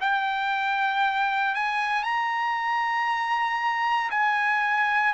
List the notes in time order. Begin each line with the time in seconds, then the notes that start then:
0.00 G5
1.55 G#5
2.03 A#5
4.11 G#5